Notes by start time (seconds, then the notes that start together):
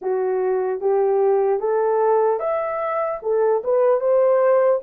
0.01 F#4
0.80 G4
1.59 A4
2.39 E5
3.22 A4
3.64 B4
4.00 C5